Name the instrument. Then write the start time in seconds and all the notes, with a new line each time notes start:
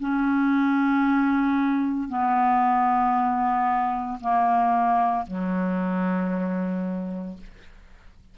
clarinet
0.00 C#4
2.09 B3
4.21 A#3
5.28 F#3